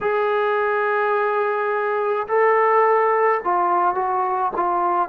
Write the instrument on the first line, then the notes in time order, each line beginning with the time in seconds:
trombone
0.01 G#4
2.27 A4
3.44 F4
3.95 F#4
4.55 F4